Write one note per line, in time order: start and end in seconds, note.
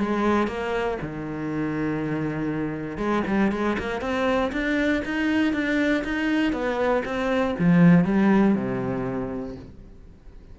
0.00 0.48 G#3
0.48 0.98 A#3
1.02 2.98 D#3
2.98 3.23 G#3
3.28 3.52 G3
3.52 3.77 G#3
3.79 4.01 A#3
4.01 4.52 C4
4.53 5.03 D4
5.06 5.53 D#4
5.53 6.04 D4
6.04 6.53 D#4
6.53 7.03 B3
7.06 7.56 C4
7.59 8.05 F3
8.05 8.56 G3
8.56 9.56 C3